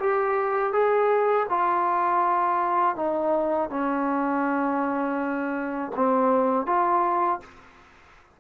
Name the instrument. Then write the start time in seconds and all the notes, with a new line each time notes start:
trombone
0.00 G4
0.73 G#4
1.50 F4
2.96 D#4
3.70 C#4
5.96 C4
6.66 F4